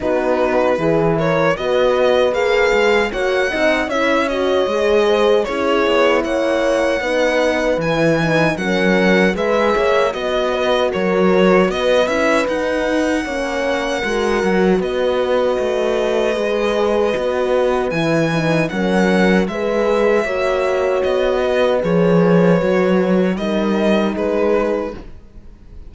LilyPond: <<
  \new Staff \with { instrumentName = "violin" } { \time 4/4 \tempo 4 = 77 b'4. cis''8 dis''4 f''4 | fis''4 e''8 dis''4. cis''4 | fis''2 gis''4 fis''4 | e''4 dis''4 cis''4 dis''8 e''8 |
fis''2. dis''4~ | dis''2. gis''4 | fis''4 e''2 dis''4 | cis''2 dis''4 b'4 | }
  \new Staff \with { instrumentName = "horn" } { \time 4/4 fis'4 gis'8 ais'8 b'2 | cis''8 dis''8 cis''4. c''8 gis'4 | cis''4 b'2 ais'4 | b'8 cis''8 dis''8 b'8 ais'4 b'4~ |
b'4 cis''4 ais'4 b'4~ | b'1 | ais'4 b'4 cis''4. b'8~ | b'2 ais'4 gis'4 | }
  \new Staff \with { instrumentName = "horn" } { \time 4/4 dis'4 e'4 fis'4 gis'4 | fis'8 dis'8 e'8 fis'8 gis'4 e'4~ | e'4 dis'4 e'8 dis'8 cis'4 | gis'4 fis'2~ fis'8 e'8 |
dis'4 cis'4 fis'2~ | fis'4 gis'4 fis'4 e'8 dis'8 | cis'4 gis'4 fis'2 | gis'4 fis'4 dis'2 | }
  \new Staff \with { instrumentName = "cello" } { \time 4/4 b4 e4 b4 ais8 gis8 | ais8 c'8 cis'4 gis4 cis'8 b8 | ais4 b4 e4 fis4 | gis8 ais8 b4 fis4 b8 cis'8 |
dis'4 ais4 gis8 fis8 b4 | a4 gis4 b4 e4 | fis4 gis4 ais4 b4 | f4 fis4 g4 gis4 | }
>>